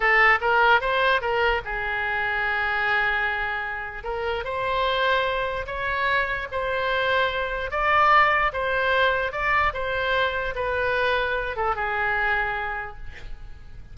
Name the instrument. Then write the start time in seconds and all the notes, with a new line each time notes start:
oboe
0.00 A4
0.40 A#4
0.81 C5
1.21 A#4
1.64 G#4
4.03 A#4
4.44 C5
5.66 C#5
6.51 C5
7.70 D5
8.52 C5
9.32 D5
9.73 C5
10.55 B4
11.56 A4
11.75 G#4